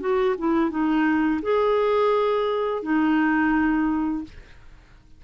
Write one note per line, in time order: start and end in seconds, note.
0.00 0.35 F#4
0.38 0.70 E4
0.70 1.40 D#4
1.41 2.82 G#4
2.82 4.24 D#4